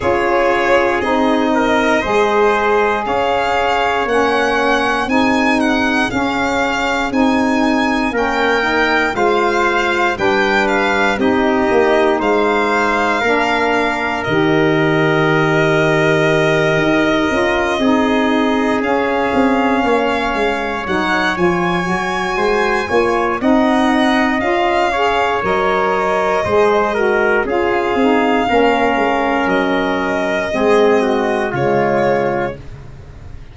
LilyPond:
<<
  \new Staff \with { instrumentName = "violin" } { \time 4/4 \tempo 4 = 59 cis''4 dis''2 f''4 | fis''4 gis''8 fis''8 f''4 gis''4 | g''4 f''4 g''8 f''8 dis''4 | f''2 dis''2~ |
dis''2~ dis''8 f''4.~ | f''8 fis''8 gis''2 fis''4 | f''4 dis''2 f''4~ | f''4 dis''2 cis''4 | }
  \new Staff \with { instrumentName = "trumpet" } { \time 4/4 gis'4. ais'8 c''4 cis''4~ | cis''4 gis'2. | ais'4 c''4 b'4 g'4 | c''4 ais'2.~ |
ais'4. gis'2 cis''8~ | cis''2 c''8 cis''8 dis''4~ | dis''8 cis''4. c''8 ais'8 gis'4 | ais'2 gis'8 fis'8 f'4 | }
  \new Staff \with { instrumentName = "saxophone" } { \time 4/4 f'4 dis'4 gis'2 | cis'4 dis'4 cis'4 dis'4 | cis'8 dis'8 f'4 d'4 dis'4~ | dis'4 d'4 g'2~ |
g'4 f'8 dis'4 cis'4.~ | cis'8 dis'8 f'8 fis'4 f'8 dis'4 | f'8 gis'8 ais'4 gis'8 fis'8 f'8 dis'8 | cis'2 c'4 gis4 | }
  \new Staff \with { instrumentName = "tuba" } { \time 4/4 cis'4 c'4 gis4 cis'4 | ais4 c'4 cis'4 c'4 | ais4 gis4 g4 c'8 ais8 | gis4 ais4 dis2~ |
dis8 dis'8 cis'8 c'4 cis'8 c'8 ais8 | gis8 fis8 f8 fis8 gis8 ais8 c'4 | cis'4 fis4 gis4 cis'8 c'8 | ais8 gis8 fis4 gis4 cis4 | }
>>